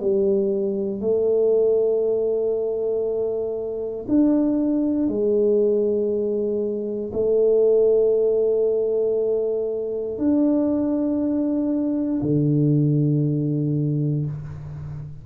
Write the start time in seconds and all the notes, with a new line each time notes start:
0.00 G3
1.01 A3
4.09 D4
5.08 G#3
7.13 A3
10.18 D4
12.23 D3